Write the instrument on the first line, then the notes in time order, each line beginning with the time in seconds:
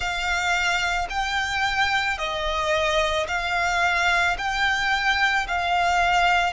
violin
0.00 F5
1.09 G5
2.18 D#5
3.27 F5
4.37 G5
5.47 F5